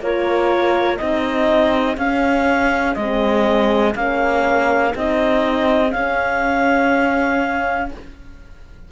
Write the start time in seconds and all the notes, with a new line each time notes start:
0.00 A#3 F4 A#4 C#5
0.98 C4 D#4 G#4 D#5
1.97 C#4 F5
2.95 G#3 C4 D#5
3.94 A#3 C#4 F5
4.94 C4 D#4 D#5
5.89 C#4 F5